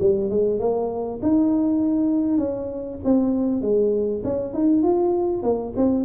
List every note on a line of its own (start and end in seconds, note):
0.00 0.30 G3
0.30 0.60 G#3
0.60 1.20 A#3
1.23 2.38 D#4
2.38 2.99 C#4
3.05 3.62 C4
3.62 4.23 G#3
4.24 4.54 C#4
4.54 4.83 D#4
4.83 5.43 F4
5.43 5.73 A#3
5.77 6.05 C4